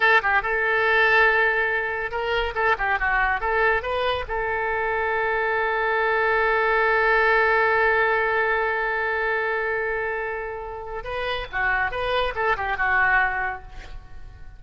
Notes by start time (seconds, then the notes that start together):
0.00 A4
0.22 G4
0.42 A4
2.11 A#4
2.55 A4
2.78 G4
2.99 F#4
3.40 A4
3.82 B4
4.28 A4
11.03 B4
11.52 F#4
11.91 B4
12.35 A4
12.56 G4
12.77 F#4